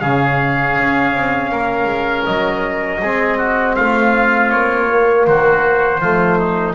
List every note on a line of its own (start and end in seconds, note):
0.00 0.77 C#3
0.00 3.01 C#4
0.00 1.51 G#4
0.00 2.25 F5
0.78 1.15 C#4
1.15 1.52 C4
1.52 1.85 A#3
1.52 3.02 A#4
1.85 2.22 G#3
2.26 3.02 F#3
2.26 3.76 D#5
3.02 3.77 G#3
3.02 4.89 C4
3.02 3.38 G#4
3.38 3.76 F#4
3.76 4.53 A3
3.76 5.27 F4
3.76 4.51 F5
4.51 5.27 A#3
4.51 5.26 C#5
4.89 6.00 A#3
5.27 6.01 D#3
5.27 6.01 F#4
5.27 6.75 C5
6.00 6.75 F3
6.00 6.75 A3
6.00 6.38 F4
6.38 6.75 D#4